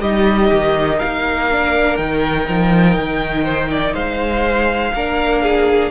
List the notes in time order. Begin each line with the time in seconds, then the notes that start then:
0.00 G3 D#4 G4 D#5
0.52 D#3
0.98 A#3 A#4 F5
1.51 D4
1.97 D#3 D#4 G5
2.49 F3
2.97 D#3
3.44 C5
3.71 D5
3.94 G#3 C5 F5
4.94 A#3 D4 A#4
5.43 G#4